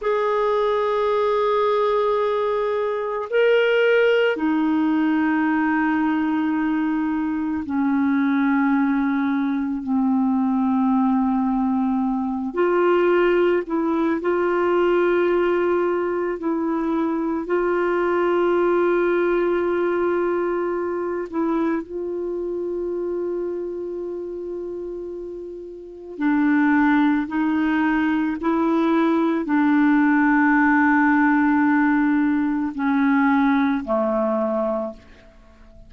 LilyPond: \new Staff \with { instrumentName = "clarinet" } { \time 4/4 \tempo 4 = 55 gis'2. ais'4 | dis'2. cis'4~ | cis'4 c'2~ c'8 f'8~ | f'8 e'8 f'2 e'4 |
f'2.~ f'8 e'8 | f'1 | d'4 dis'4 e'4 d'4~ | d'2 cis'4 a4 | }